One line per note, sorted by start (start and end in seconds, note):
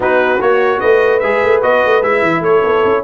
0.00 0.40 B3
0.00 0.39 D#4
0.00 0.78 F#4
0.00 0.41 B4
0.40 0.81 A#3
0.40 1.21 F#4
0.40 0.80 C#5
0.80 1.22 A3
0.80 2.42 B4
0.80 1.19 D#5
1.19 1.43 G#3
1.19 1.61 G#4
1.19 1.60 E5
1.43 1.62 A3
1.61 1.83 B3
1.61 2.02 F#4
1.61 2.02 D#5
1.85 2.02 A3
2.02 2.22 G#3
2.02 3.03 E4
2.02 2.43 E5
2.22 2.40 E3
2.40 2.60 A3
2.40 3.03 A4
2.40 3.03 C#5
2.63 2.83 B3
2.84 3.03 C#4